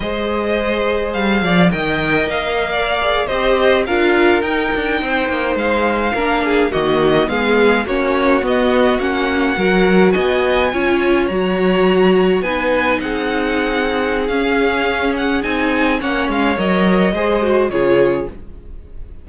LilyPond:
<<
  \new Staff \with { instrumentName = "violin" } { \time 4/4 \tempo 4 = 105 dis''2 f''4 g''4 | f''4.~ f''16 dis''4 f''4 g''16~ | g''4.~ g''16 f''2 dis''16~ | dis''8. f''4 cis''4 dis''4 fis''16~ |
fis''4.~ fis''16 gis''2 ais''16~ | ais''4.~ ais''16 gis''4 fis''4~ fis''16~ | fis''4 f''4. fis''8 gis''4 | fis''8 f''8 dis''2 cis''4 | }
  \new Staff \with { instrumentName = "violin" } { \time 4/4 c''2~ c''8 d''8 dis''4~ | dis''8. d''4 c''4 ais'4~ ais'16~ | ais'8. c''2 ais'8 gis'8 fis'16~ | fis'8. gis'4 fis'2~ fis'16~ |
fis'8. ais'4 dis''4 cis''4~ cis''16~ | cis''4.~ cis''16 b'4 gis'4~ gis'16~ | gis'1 | cis''2 c''4 gis'4 | }
  \new Staff \with { instrumentName = "viola" } { \time 4/4 gis'2. ais'4~ | ais'4~ ais'16 gis'8 g'4 f'4 dis'16~ | dis'2~ dis'8. d'4 ais16~ | ais8. b4 cis'4 b4 cis'16~ |
cis'8. fis'2 f'4 fis'16~ | fis'4.~ fis'16 dis'2~ dis'16~ | dis'4 cis'2 dis'4 | cis'4 ais'4 gis'8 fis'8 f'4 | }
  \new Staff \with { instrumentName = "cello" } { \time 4/4 gis2 g8 f8 dis4 | ais4.~ ais16 c'4 d'4 dis'16~ | dis'16 d'8 c'8 ais8 gis4 ais4 dis16~ | dis8. gis4 ais4 b4 ais16~ |
ais8. fis4 b4 cis'4 fis16~ | fis4.~ fis16 b4 c'4~ c'16~ | c'4 cis'2 c'4 | ais8 gis8 fis4 gis4 cis4 | }
>>